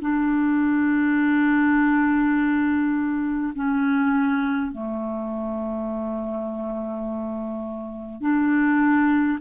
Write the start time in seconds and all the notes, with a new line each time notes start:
0.00 D4
3.55 C#4
4.72 A3
8.20 D4